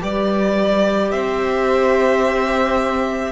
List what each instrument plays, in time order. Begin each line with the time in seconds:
0.00 cello G3, viola G4, violin B4 D5
1.11 cello C4, violin C5 E5